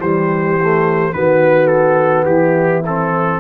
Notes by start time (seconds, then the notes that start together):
0.00 E3 G3 G4 C5
0.60 A3
1.13 D#3 B3 F#4 B4
1.67 A4
2.25 E3 E4 G4
2.86 C4 A4